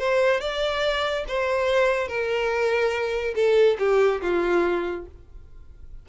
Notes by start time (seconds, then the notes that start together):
0.00 C5
0.41 D5
1.28 C5
2.08 A#4
3.36 A4
3.79 G4
4.22 F4